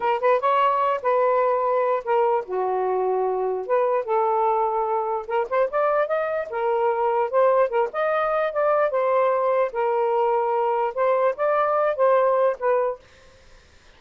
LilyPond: \new Staff \with { instrumentName = "saxophone" } { \time 4/4 \tempo 4 = 148 ais'8 b'8 cis''4. b'4.~ | b'4 ais'4 fis'2~ | fis'4 b'4 a'2~ | a'4 ais'8 c''8 d''4 dis''4 |
ais'2 c''4 ais'8 dis''8~ | dis''4 d''4 c''2 | ais'2. c''4 | d''4. c''4. b'4 | }